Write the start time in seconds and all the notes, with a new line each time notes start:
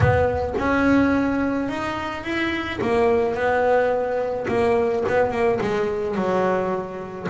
0.00 B3
0.58 C#4
1.68 D#4
2.23 E4
2.81 A#3
3.34 B3
4.48 A#3
5.08 B3
5.31 A#3
5.61 G#3
6.15 F#3